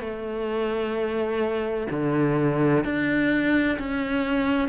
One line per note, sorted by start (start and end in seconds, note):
0.00 1.87 A3
1.91 2.85 D3
2.85 3.78 D4
3.79 4.69 C#4